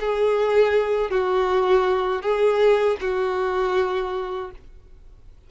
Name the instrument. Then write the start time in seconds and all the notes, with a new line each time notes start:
violin
0.00 G#4
1.10 F#4
2.22 G#4
3.01 F#4